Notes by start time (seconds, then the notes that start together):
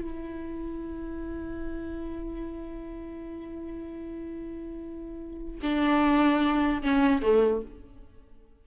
0.00 E4
5.62 D4
6.82 C#4
7.22 A3